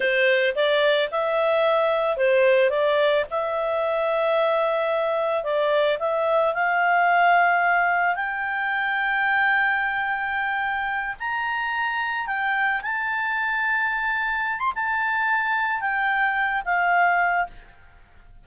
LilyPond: \new Staff \with { instrumentName = "clarinet" } { \time 4/4 \tempo 4 = 110 c''4 d''4 e''2 | c''4 d''4 e''2~ | e''2 d''4 e''4 | f''2. g''4~ |
g''1~ | g''8 ais''2 g''4 a''8~ | a''2~ a''8. c'''16 a''4~ | a''4 g''4. f''4. | }